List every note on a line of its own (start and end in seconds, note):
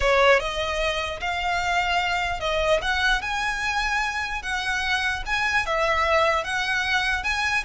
0.00 0.39 C#5
0.39 1.20 D#5
1.20 2.40 F5
2.40 2.80 D#5
2.81 3.21 F#5
3.21 4.42 G#5
4.42 5.23 F#5
5.26 5.65 G#5
5.65 6.44 E5
6.44 7.23 F#5
7.23 7.63 G#5